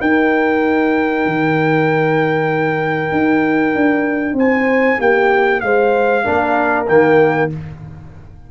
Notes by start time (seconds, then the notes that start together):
0.00 D#4 A#4 G5
1.26 D#3
3.12 D#4
3.75 D4
4.34 C4 C5 G#5
4.99 A#3 G4 G5
5.61 G#3 C5 F5
6.24 A#3 D4 A#4
6.88 D#3 A#3 G5